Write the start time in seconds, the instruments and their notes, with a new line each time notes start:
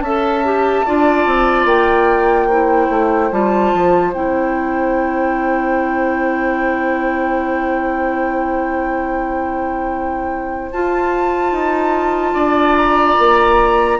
0.00 bassoon C#4, clarinet A4, oboe E5, flute A5
0.44 clarinet G4
0.85 bassoon D4, clarinet F4, oboe D5
1.26 bassoon C4
1.65 bassoon A#3, flute G5
2.47 clarinet E4, oboe C5
2.89 bassoon A3
3.31 bassoon G3, clarinet F4, flute A5
3.74 bassoon F3
4.13 bassoon C4, clarinet E4, flute G5
10.71 bassoon F4, clarinet F4, flute A5
11.51 bassoon D#4
12.34 bassoon D4, oboe D5
12.76 flute A#5
13.18 bassoon A#3